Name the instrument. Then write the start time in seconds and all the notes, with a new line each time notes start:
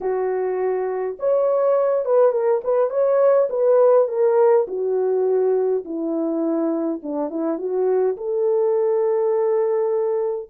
horn
0.00 F#4
1.19 C#5
2.05 B4
2.32 A#4
2.64 B4
2.90 C#5
3.49 B4
4.08 A#4
4.67 F#4
5.84 E4
7.02 D4
7.29 E4
7.58 F#4
8.17 A4